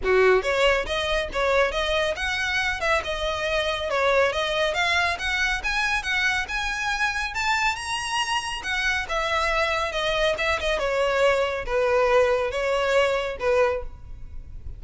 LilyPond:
\new Staff \with { instrumentName = "violin" } { \time 4/4 \tempo 4 = 139 fis'4 cis''4 dis''4 cis''4 | dis''4 fis''4. e''8 dis''4~ | dis''4 cis''4 dis''4 f''4 | fis''4 gis''4 fis''4 gis''4~ |
gis''4 a''4 ais''2 | fis''4 e''2 dis''4 | e''8 dis''8 cis''2 b'4~ | b'4 cis''2 b'4 | }